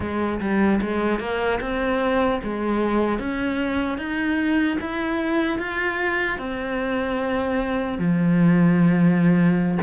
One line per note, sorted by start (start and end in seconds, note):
0.00 0.40 G#3
0.40 0.80 G3
0.81 1.19 G#3
1.19 1.59 A#3
1.60 2.40 C4
2.43 3.19 G#3
3.19 3.98 C#4
3.98 4.78 D#4
4.80 5.59 E4
5.59 6.38 F4
6.38 7.98 C4
7.98 9.78 F3